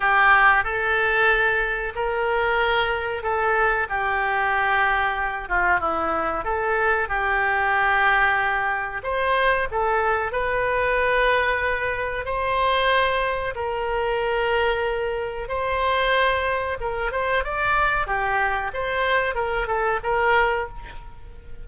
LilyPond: \new Staff \with { instrumentName = "oboe" } { \time 4/4 \tempo 4 = 93 g'4 a'2 ais'4~ | ais'4 a'4 g'2~ | g'8 f'8 e'4 a'4 g'4~ | g'2 c''4 a'4 |
b'2. c''4~ | c''4 ais'2. | c''2 ais'8 c''8 d''4 | g'4 c''4 ais'8 a'8 ais'4 | }